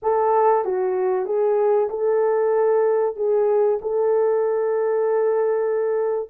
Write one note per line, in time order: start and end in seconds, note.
0.02 0.64 A4
0.64 1.25 F#4
1.25 1.88 G#4
1.89 3.16 A4
3.16 3.79 G#4
3.81 6.29 A4